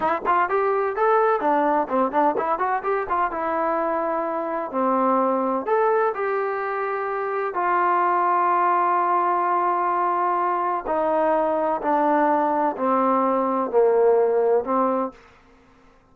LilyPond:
\new Staff \with { instrumentName = "trombone" } { \time 4/4 \tempo 4 = 127 e'8 f'8 g'4 a'4 d'4 | c'8 d'8 e'8 fis'8 g'8 f'8 e'4~ | e'2 c'2 | a'4 g'2. |
f'1~ | f'2. dis'4~ | dis'4 d'2 c'4~ | c'4 ais2 c'4 | }